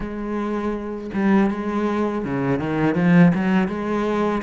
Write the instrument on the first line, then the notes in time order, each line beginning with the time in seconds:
cello
0.00 G#3
1.13 G3
1.50 G#3
2.25 C#3
2.59 D#3
2.95 F3
3.34 F#3
3.68 G#3